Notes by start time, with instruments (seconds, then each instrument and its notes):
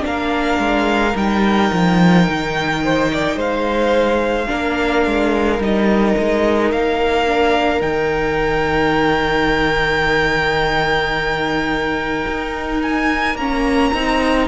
0.00 cello A#3, viola D4
0.06 violin A#4 F5
0.59 cello G#3
1.15 cello G3, viola D#4, violin G5
1.73 cello F3
2.29 cello D#3
2.84 violin C5
3.13 violin D5
3.36 cello G#3, violin C5 F5
4.47 cello A#3, viola D4, violin A#4
5.06 cello G#3
5.59 cello G3, viola D#4, violin D#5
6.19 cello G#3
6.72 cello A#3, violin F5
7.27 viola D4
7.80 cello D#3, viola D#4, violin G5
12.27 cello D#4
12.82 violin G#5
13.35 cello A#3, viola C#4, violin A#5
13.94 cello C4, viola D#4